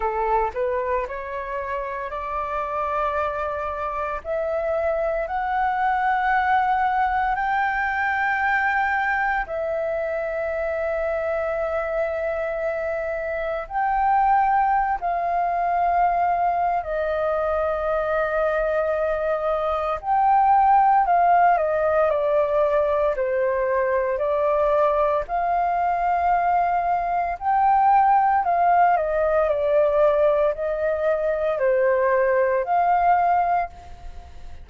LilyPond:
\new Staff \with { instrumentName = "flute" } { \time 4/4 \tempo 4 = 57 a'8 b'8 cis''4 d''2 | e''4 fis''2 g''4~ | g''4 e''2.~ | e''4 g''4~ g''16 f''4.~ f''16 |
dis''2. g''4 | f''8 dis''8 d''4 c''4 d''4 | f''2 g''4 f''8 dis''8 | d''4 dis''4 c''4 f''4 | }